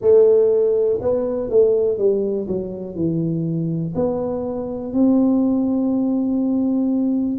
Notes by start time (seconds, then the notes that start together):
0.00 A3
1.01 B3
1.49 A3
1.98 G3
2.47 F#3
2.95 E3
3.95 B3
4.93 C4